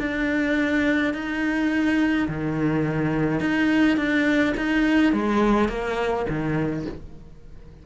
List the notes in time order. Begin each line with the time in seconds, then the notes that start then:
0.00 D4
1.14 D#4
2.29 D#3
3.41 D#4
3.97 D4
4.57 D#4
5.13 G#3
5.69 A#3
6.29 D#3